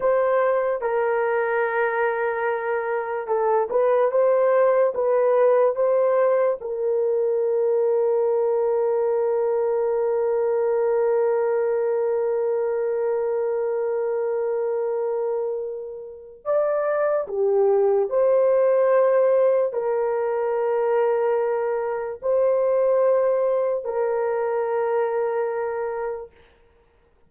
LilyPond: \new Staff \with { instrumentName = "horn" } { \time 4/4 \tempo 4 = 73 c''4 ais'2. | a'8 b'8 c''4 b'4 c''4 | ais'1~ | ais'1~ |
ais'1 | d''4 g'4 c''2 | ais'2. c''4~ | c''4 ais'2. | }